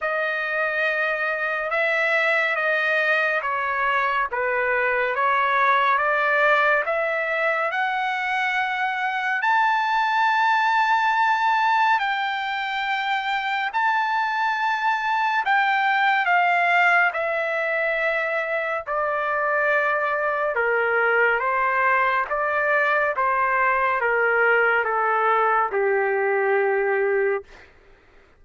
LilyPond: \new Staff \with { instrumentName = "trumpet" } { \time 4/4 \tempo 4 = 70 dis''2 e''4 dis''4 | cis''4 b'4 cis''4 d''4 | e''4 fis''2 a''4~ | a''2 g''2 |
a''2 g''4 f''4 | e''2 d''2 | ais'4 c''4 d''4 c''4 | ais'4 a'4 g'2 | }